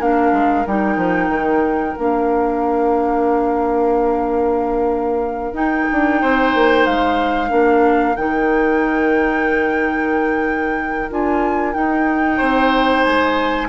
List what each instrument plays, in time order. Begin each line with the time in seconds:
0.00 bassoon A#3, clarinet D4, oboe A#4, flute F5
0.32 bassoon G#3
0.66 bassoon G3, clarinet D#4, flute G5
0.96 bassoon F3
1.29 bassoon D#3
1.96 bassoon A#3, clarinet D4, flute F5
5.53 bassoon D#4, clarinet D#4, flute G5
5.92 bassoon D4
6.21 bassoon C4, oboe C5
6.54 bassoon A#3
6.85 bassoon G#3, flute F5
7.49 bassoon A#3, clarinet D4, oboe A#4
8.16 bassoon D#3, clarinet D#4, flute G5
11.10 bassoon D4, clarinet F4, flute G#5
11.73 clarinet D#4, bassoon D#4, flute G5
12.37 bassoon C4, oboe C5
13.04 bassoon G#3, flute G#5